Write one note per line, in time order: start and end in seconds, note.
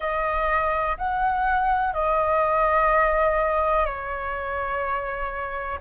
0.00 0.97 D#5
0.97 1.94 F#5
1.94 3.85 D#5
3.85 5.78 C#5